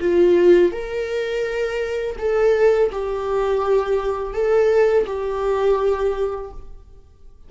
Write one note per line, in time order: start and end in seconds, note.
0.00 0.72 F4
0.72 2.17 A#4
2.18 2.90 A4
2.92 4.33 G4
4.33 5.06 A4
5.06 6.51 G4